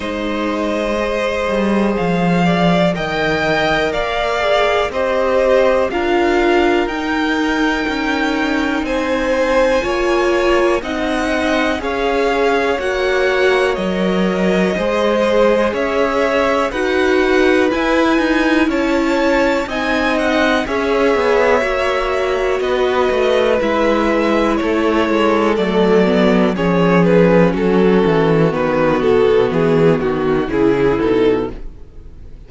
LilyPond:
<<
  \new Staff \with { instrumentName = "violin" } { \time 4/4 \tempo 4 = 61 dis''2 f''4 g''4 | f''4 dis''4 f''4 g''4~ | g''4 gis''2 fis''4 | f''4 fis''4 dis''2 |
e''4 fis''4 gis''4 a''4 | gis''8 fis''8 e''2 dis''4 | e''4 cis''4 d''4 cis''8 b'8 | a'4 b'8 a'8 gis'8 fis'8 gis'8 a'8 | }
  \new Staff \with { instrumentName = "violin" } { \time 4/4 c''2~ c''8 d''8 dis''4 | d''4 c''4 ais'2~ | ais'4 c''4 cis''4 dis''4 | cis''2. c''4 |
cis''4 b'2 cis''4 | dis''4 cis''2 b'4~ | b'4 a'2 gis'4 | fis'2. e'4 | }
  \new Staff \with { instrumentName = "viola" } { \time 4/4 dis'4 gis'2 ais'4~ | ais'8 gis'8 g'4 f'4 dis'4~ | dis'2 f'4 dis'4 | gis'4 fis'4 ais'4 gis'4~ |
gis'4 fis'4 e'2 | dis'4 gis'4 fis'2 | e'2 a8 b8 cis'4~ | cis'4 b2 e'8 dis'8 | }
  \new Staff \with { instrumentName = "cello" } { \time 4/4 gis4. g8 f4 dis4 | ais4 c'4 d'4 dis'4 | cis'4 c'4 ais4 c'4 | cis'4 ais4 fis4 gis4 |
cis'4 dis'4 e'8 dis'8 cis'4 | c'4 cis'8 b8 ais4 b8 a8 | gis4 a8 gis8 fis4 f4 | fis8 e8 dis8 b,8 e8 dis8 cis8 b,8 | }
>>